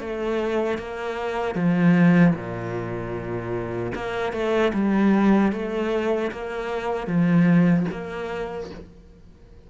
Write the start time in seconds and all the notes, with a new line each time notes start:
0.00 A3
0.79 A#3
1.55 F3
2.35 A#2
3.95 A#3
4.33 A3
4.74 G3
5.52 A3
6.32 A#3
7.07 F3
7.92 A#3